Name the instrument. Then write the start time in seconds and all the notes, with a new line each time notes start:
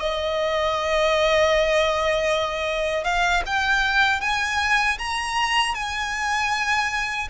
violin
0.00 D#5
3.05 F5
3.47 G5
4.21 G#5
4.99 A#5
5.75 G#5